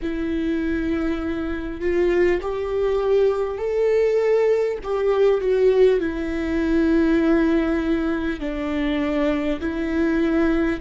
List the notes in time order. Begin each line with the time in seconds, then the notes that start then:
0.02 E4
1.81 F4
2.41 G4
3.57 A4
4.83 G4
5.40 F#4
5.99 E4
8.40 D4
9.60 E4